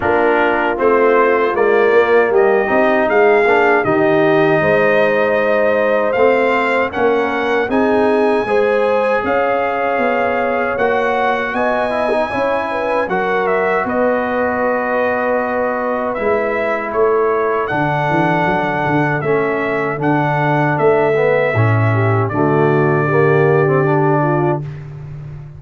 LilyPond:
<<
  \new Staff \with { instrumentName = "trumpet" } { \time 4/4 \tempo 4 = 78 ais'4 c''4 d''4 dis''4 | f''4 dis''2. | f''4 fis''4 gis''2 | f''2 fis''4 gis''4~ |
gis''4 fis''8 e''8 dis''2~ | dis''4 e''4 cis''4 fis''4~ | fis''4 e''4 fis''4 e''4~ | e''4 d''2. | }
  \new Staff \with { instrumentName = "horn" } { \time 4/4 f'2. g'4 | gis'4 g'4 c''2~ | c''4 ais'4 gis'4 c''4 | cis''2. dis''4 |
cis''8 b'8 ais'4 b'2~ | b'2 a'2~ | a'1~ | a'8 g'8 fis'4 g'4. f'8 | }
  \new Staff \with { instrumentName = "trombone" } { \time 4/4 d'4 c'4 ais4. dis'8~ | dis'8 d'8 dis'2. | c'4 cis'4 dis'4 gis'4~ | gis'2 fis'4. e'16 dis'16 |
e'4 fis'2.~ | fis'4 e'2 d'4~ | d'4 cis'4 d'4. b8 | cis'4 a4 ais8. c'16 d'4 | }
  \new Staff \with { instrumentName = "tuba" } { \time 4/4 ais4 a4 gis8 ais8 g8 c'8 | gis8 ais8 dis4 gis2 | a4 ais4 c'4 gis4 | cis'4 b4 ais4 b4 |
cis'4 fis4 b2~ | b4 gis4 a4 d8 e8 | fis8 d8 a4 d4 a4 | a,4 d2. | }
>>